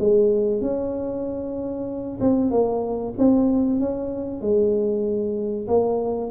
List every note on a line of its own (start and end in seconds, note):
0.00 0.61 G#3
0.61 2.19 C#4
2.21 2.51 C4
2.51 3.15 A#3
3.18 3.80 C4
3.80 4.42 C#4
4.42 5.68 G#3
5.68 6.32 A#3